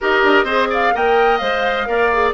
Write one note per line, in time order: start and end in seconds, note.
0.01 0.23 D#4
0.01 0.46 G4
0.01 0.44 A#4
0.01 0.72 D#5
0.23 0.43 D4
0.43 0.90 C4
0.43 0.93 G#4
0.43 0.68 C5
0.70 0.93 D5
0.70 0.96 F5
0.93 1.40 A#3
0.93 1.40 A#4
0.93 1.88 D#5
0.93 1.37 G5
1.37 1.87 G#3
1.37 1.86 C5
1.37 2.31 F5
1.86 2.33 A#3
1.86 2.10 A#4
1.86 2.33 D5
2.12 2.33 G#4